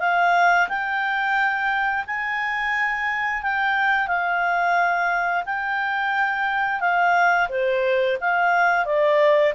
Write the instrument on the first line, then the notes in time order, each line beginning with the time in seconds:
clarinet
0.00 F5
0.68 G5
2.06 G#5
3.42 G5
4.07 F5
5.45 G5
6.80 F5
7.49 C5
8.21 F5
8.85 D5